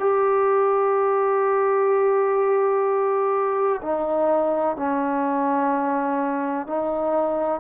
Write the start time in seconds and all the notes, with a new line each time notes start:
0.00 G4
3.82 D#4
4.77 C#4
6.67 D#4